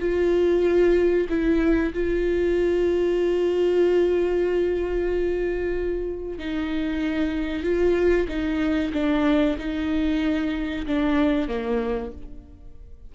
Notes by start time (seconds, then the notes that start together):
0.00 F4
1.29 E4
1.94 F4
6.39 D#4
7.63 F4
8.28 D#4
8.93 D4
9.58 D#4
10.87 D4
11.48 A#3